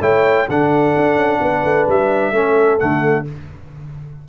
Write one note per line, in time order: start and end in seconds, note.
0.00 0.46 A3
0.00 0.47 E4
0.00 0.47 C#5
0.00 0.48 G5
0.48 0.95 D3
0.48 2.33 D4
0.48 1.40 A4
0.48 1.88 F#5
0.96 1.15 D4
1.15 1.38 C#4
1.40 1.63 B3
1.40 2.33 B4
1.64 1.87 A3
1.87 2.31 G3
1.87 2.79 E5
2.31 2.77 A3
2.31 2.78 C#4
2.31 3.25 A4
2.78 3.28 D3
2.78 3.24 A3
2.78 3.25 F#5